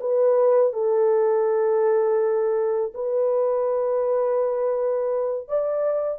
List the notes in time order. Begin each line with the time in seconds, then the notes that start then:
0.00 B4
0.73 A4
2.94 B4
5.48 D5